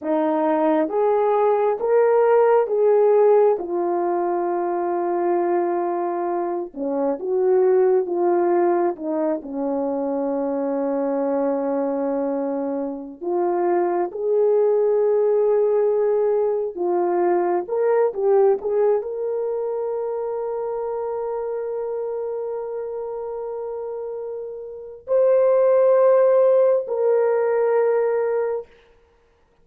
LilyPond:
\new Staff \with { instrumentName = "horn" } { \time 4/4 \tempo 4 = 67 dis'4 gis'4 ais'4 gis'4 | f'2.~ f'8 cis'8 | fis'4 f'4 dis'8 cis'4.~ | cis'2~ cis'8. f'4 gis'16~ |
gis'2~ gis'8. f'4 ais'16~ | ais'16 g'8 gis'8 ais'2~ ais'8.~ | ais'1 | c''2 ais'2 | }